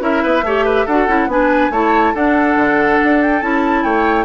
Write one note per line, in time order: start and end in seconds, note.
0.00 0.22 C#4
0.00 0.43 E4
0.00 0.23 A#4
0.00 0.87 E5
0.23 0.43 B3
0.23 0.44 B4
0.43 0.85 A3
0.43 0.88 G4
0.43 0.65 C#5
0.65 0.85 B4
0.85 1.07 D4
0.85 1.08 F#4
0.85 1.28 A4
0.85 1.30 F#5
1.07 1.27 C#4
1.07 1.29 E4
1.27 1.69 B3
1.27 1.72 D4
1.27 1.71 B4
1.27 1.73 G#5
1.70 2.13 A3
1.70 2.15 E4
1.70 2.14 C#5
1.70 2.15 A5
2.14 2.56 D4
2.14 3.41 D4
2.14 3.84 A4
2.14 3.22 F#5
2.56 2.98 D3
3.04 3.42 D4
3.22 3.42 G5
3.41 3.84 C#4
3.41 4.25 E4
3.41 3.83 A5
3.83 4.25 A3
3.83 4.25 C#5
3.83 4.25 G5